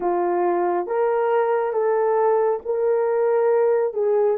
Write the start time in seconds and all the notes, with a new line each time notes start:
0.00 F4
0.87 A#4
1.72 A4
2.65 A#4
3.93 G#4